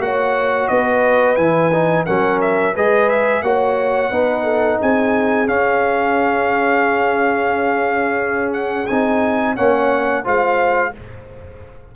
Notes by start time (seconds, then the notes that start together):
0.00 A#3 F#4 C#5 F#5
0.68 B3 B4 D#5
1.36 E3 E4 G#5
1.73 D#4
2.06 F#3 C#4 A#4 F#5
2.41 E5
2.74 G#3 G#4 B4 D#5
3.09 E5
3.42 A#3 F#4 C#5 F#5
4.11 B3 D#4 B4
4.44 A4
4.81 C4 G#4 G#5
5.47 C#4 F5
8.53 F#5
8.87 C4 D#4 G#5
9.55 A#3 C#4 C#5 F#5
10.24 G#3 F4 C5 F5